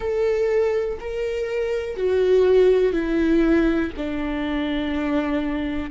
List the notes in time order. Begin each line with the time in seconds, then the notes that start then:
0.00 A4
1.00 A#4
1.96 F#4
2.92 E4
3.96 D4